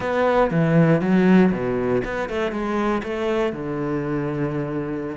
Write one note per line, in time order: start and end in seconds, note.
0.00 0.50 B3
0.50 1.01 E3
1.01 1.51 F#3
1.52 2.02 B2
2.04 2.29 B3
2.29 2.51 A3
2.51 3.02 G#3
3.03 3.52 A3
3.52 5.16 D3